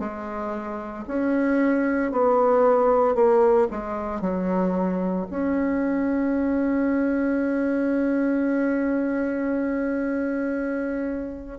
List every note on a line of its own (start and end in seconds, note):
0.00 1.05 G#3
1.08 2.12 C#4
2.12 3.15 B3
3.15 3.68 A#3
3.71 4.22 G#3
4.22 5.27 F#3
5.31 11.59 C#4